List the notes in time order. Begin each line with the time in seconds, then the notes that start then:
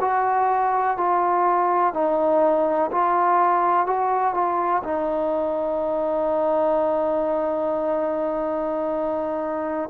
0.00 F#4
0.97 F4
1.93 D#4
2.92 F4
3.86 F#4
4.34 F4
4.83 D#4